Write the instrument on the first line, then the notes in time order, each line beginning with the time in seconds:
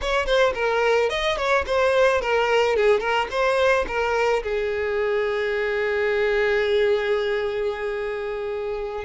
violin
0.01 C#5
0.26 C5
0.54 A#4
1.09 D#5
1.37 C#5
1.66 C5
2.21 A#4
2.75 G#4
2.99 A#4
3.30 C5
3.87 A#4
4.43 G#4